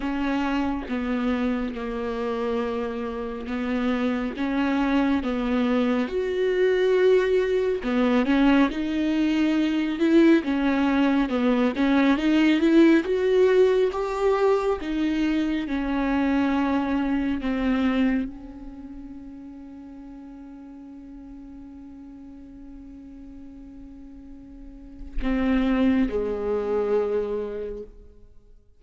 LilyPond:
\new Staff \with { instrumentName = "viola" } { \time 4/4 \tempo 4 = 69 cis'4 b4 ais2 | b4 cis'4 b4 fis'4~ | fis'4 b8 cis'8 dis'4. e'8 | cis'4 b8 cis'8 dis'8 e'8 fis'4 |
g'4 dis'4 cis'2 | c'4 cis'2.~ | cis'1~ | cis'4 c'4 gis2 | }